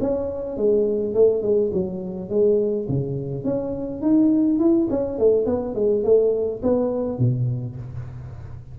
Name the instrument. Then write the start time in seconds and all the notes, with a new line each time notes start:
tuba
0.00 C#4
0.57 G#3
1.14 A3
1.42 G#3
1.73 F#3
2.29 G#3
2.88 C#3
3.44 C#4
4.01 D#4
4.59 E4
4.90 C#4
5.18 A3
5.45 B3
5.75 G#3
6.04 A3
6.62 B3
7.18 B2